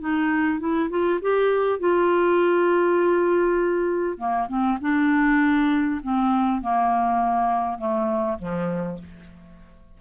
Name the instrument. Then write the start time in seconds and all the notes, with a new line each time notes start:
clarinet
0.00 D#4
0.59 E4
0.90 F4
1.21 G4
1.79 F4
4.18 A#3
4.48 C4
4.81 D4
6.02 C4
6.61 A#3
7.78 A3
8.38 F3